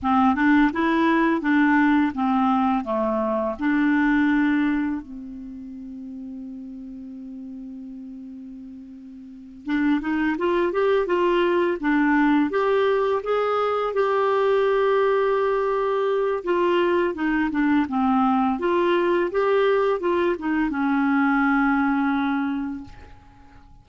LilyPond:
\new Staff \with { instrumentName = "clarinet" } { \time 4/4 \tempo 4 = 84 c'8 d'8 e'4 d'4 c'4 | a4 d'2 c'4~ | c'1~ | c'4. d'8 dis'8 f'8 g'8 f'8~ |
f'8 d'4 g'4 gis'4 g'8~ | g'2. f'4 | dis'8 d'8 c'4 f'4 g'4 | f'8 dis'8 cis'2. | }